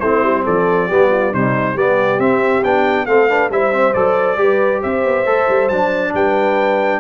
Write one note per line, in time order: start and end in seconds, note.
0.00 0.23 A3
0.00 0.90 C4
0.00 0.44 E4
0.00 0.44 C5
0.23 0.45 G3
0.44 0.91 F3
0.44 0.88 A4
0.44 1.34 D5
0.88 1.34 G3
0.88 1.34 B3
0.88 1.10 G4
1.11 1.31 F4
1.31 1.76 C3
1.31 1.76 G3
1.31 1.75 D#4
1.31 1.78 C5
1.75 2.19 G3
1.75 2.20 B3
1.75 3.06 G4
1.75 2.20 D5
2.19 2.62 C4
2.19 2.63 C4
2.19 2.64 E5
2.64 3.06 B3
2.64 3.08 D4
2.64 3.06 G5
3.06 3.50 A3
3.06 3.29 C4
3.06 3.29 A4
3.06 3.50 F5
3.29 3.51 D4
3.29 3.51 B4
3.50 3.94 G3
3.50 3.72 E4
3.50 4.40 C5
3.50 3.94 E5
3.72 3.94 C4
3.94 4.36 F#3
3.94 4.37 A4
3.94 4.81 D5
4.36 4.80 G3
4.36 5.25 G4
4.36 4.82 B4
4.82 5.05 C4
4.82 6.14 C5
4.82 5.69 E5
5.05 5.25 B3
5.25 5.47 A3
5.25 5.70 A4
5.49 5.70 G3
5.69 6.14 F#3
5.69 7.00 D4
5.69 6.13 A5
6.14 7.00 G3
6.14 7.00 B4
6.14 7.00 G5